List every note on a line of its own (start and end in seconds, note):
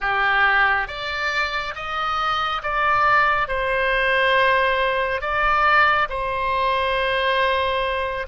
0.00 0.87 G4
0.87 1.74 D5
1.75 2.62 D#5
2.62 3.48 D5
3.48 5.21 C5
5.21 6.08 D5
6.09 8.26 C5